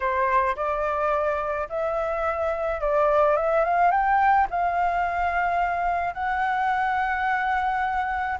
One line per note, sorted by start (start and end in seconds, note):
0.00 0.55 C5
0.56 1.68 D5
1.69 2.80 E5
2.80 3.36 D5
3.36 3.64 E5
3.64 3.91 F5
3.91 4.47 G5
4.50 6.14 F5
6.14 8.38 F#5